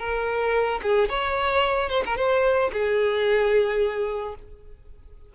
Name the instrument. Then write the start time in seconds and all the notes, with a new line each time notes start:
violin
0.00 A#4
0.83 G#4
1.10 C#5
1.90 C5
2.06 A#4
2.17 C5
2.73 G#4